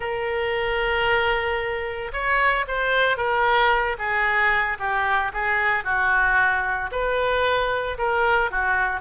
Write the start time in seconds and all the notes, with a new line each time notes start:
0.00 A#4
2.12 C#5
2.67 C5
3.17 A#4
3.98 G#4
4.79 G4
5.33 G#4
5.84 F#4
6.91 B4
7.97 A#4
8.50 F#4